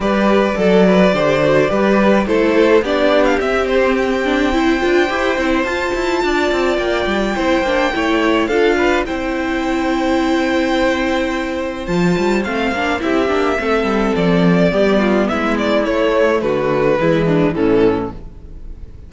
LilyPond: <<
  \new Staff \with { instrumentName = "violin" } { \time 4/4 \tempo 4 = 106 d''1 | c''4 d''8. f''16 e''8 c''8 g''4~ | g''2 a''2 | g''2. f''4 |
g''1~ | g''4 a''4 f''4 e''4~ | e''4 d''2 e''8 d''8 | cis''4 b'2 a'4 | }
  \new Staff \with { instrumentName = "violin" } { \time 4/4 b'4 a'8 b'8 c''4 b'4 | a'4 g'2. | c''2. d''4~ | d''4 c''4 cis''4 a'8 b'8 |
c''1~ | c''2. g'4 | a'2 g'8 f'8 e'4~ | e'4 fis'4 e'8 d'8 cis'4 | }
  \new Staff \with { instrumentName = "viola" } { \time 4/4 g'4 a'4 g'8 fis'8 g'4 | e'4 d'4 c'4. d'8 | e'8 f'8 g'8 e'8 f'2~ | f'4 e'8 d'8 e'4 f'4 |
e'1~ | e'4 f'4 c'8 d'8 e'8 d'8 | c'2 b2 | a2 gis4 e4 | }
  \new Staff \with { instrumentName = "cello" } { \time 4/4 g4 fis4 d4 g4 | a4 b4 c'2~ | c'8 d'8 e'8 c'8 f'8 e'8 d'8 c'8 | ais8 g8 c'8 ais8 a4 d'4 |
c'1~ | c'4 f8 g8 a8 ais8 c'8 ais8 | a8 g8 f4 g4 gis4 | a4 d4 e4 a,4 | }
>>